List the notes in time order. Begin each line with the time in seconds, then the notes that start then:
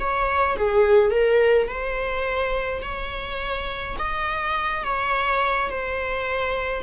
0.00 C#5
0.56 G#4
1.11 A#4
1.68 C5
2.82 C#5
3.99 D#5
4.84 C#5
5.70 C5